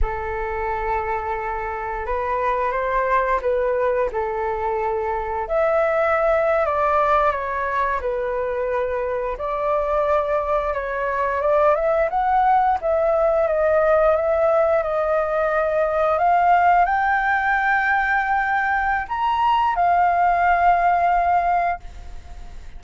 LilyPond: \new Staff \with { instrumentName = "flute" } { \time 4/4 \tempo 4 = 88 a'2. b'4 | c''4 b'4 a'2 | e''4.~ e''16 d''4 cis''4 b'16~ | b'4.~ b'16 d''2 cis''16~ |
cis''8. d''8 e''8 fis''4 e''4 dis''16~ | dis''8. e''4 dis''2 f''16~ | f''8. g''2.~ g''16 | ais''4 f''2. | }